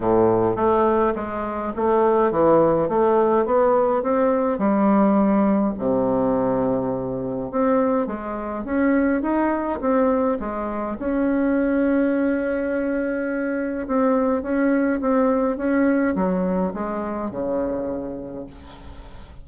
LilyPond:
\new Staff \with { instrumentName = "bassoon" } { \time 4/4 \tempo 4 = 104 a,4 a4 gis4 a4 | e4 a4 b4 c'4 | g2 c2~ | c4 c'4 gis4 cis'4 |
dis'4 c'4 gis4 cis'4~ | cis'1 | c'4 cis'4 c'4 cis'4 | fis4 gis4 cis2 | }